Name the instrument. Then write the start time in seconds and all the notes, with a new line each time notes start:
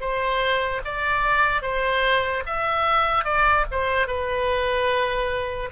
oboe
0.00 C5
0.85 D5
1.62 C5
2.46 E5
3.24 D5
3.71 C5
4.07 B4